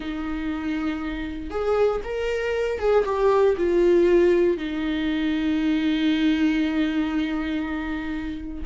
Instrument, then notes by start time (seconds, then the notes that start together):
viola
0.00 D#4
1.50 G#4
2.03 A#4
2.78 G#4
3.05 G4
3.57 F4
4.57 D#4